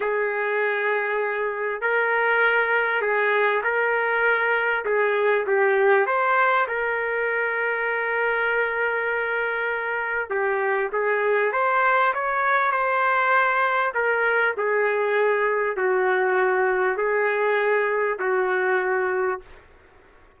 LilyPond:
\new Staff \with { instrumentName = "trumpet" } { \time 4/4 \tempo 4 = 99 gis'2. ais'4~ | ais'4 gis'4 ais'2 | gis'4 g'4 c''4 ais'4~ | ais'1~ |
ais'4 g'4 gis'4 c''4 | cis''4 c''2 ais'4 | gis'2 fis'2 | gis'2 fis'2 | }